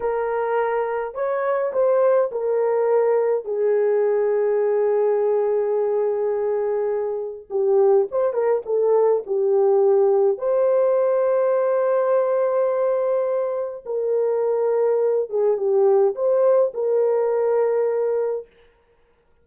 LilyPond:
\new Staff \with { instrumentName = "horn" } { \time 4/4 \tempo 4 = 104 ais'2 cis''4 c''4 | ais'2 gis'2~ | gis'1~ | gis'4 g'4 c''8 ais'8 a'4 |
g'2 c''2~ | c''1 | ais'2~ ais'8 gis'8 g'4 | c''4 ais'2. | }